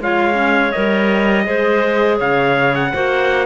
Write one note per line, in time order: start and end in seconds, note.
0.00 0.73 G#3
0.00 0.34 F4
0.00 1.47 C#5
0.00 0.72 F5
0.34 0.70 C#4
0.72 1.47 G3
0.72 1.45 A#4
0.72 2.18 D#5
1.45 2.20 G#3
1.45 2.91 G#4
1.45 2.18 C5
2.18 2.94 C#3
2.18 2.91 C#5
2.18 2.75 F5
2.75 3.46 F#5
2.94 3.46 A#3
2.94 3.46 F#4
2.94 3.46 C5